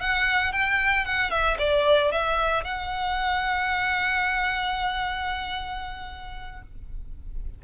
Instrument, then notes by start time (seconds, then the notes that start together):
violin
0.00 F#5
0.52 G5
1.05 F#5
1.30 E5
1.58 D5
2.11 E5
2.64 F#5